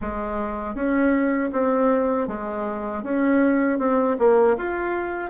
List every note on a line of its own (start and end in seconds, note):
0.01 0.74 G#3
0.74 1.50 C#4
1.52 2.28 C4
2.28 3.03 G#3
3.03 3.78 C#4
3.78 4.16 C4
4.18 4.56 A#3
4.57 5.30 F4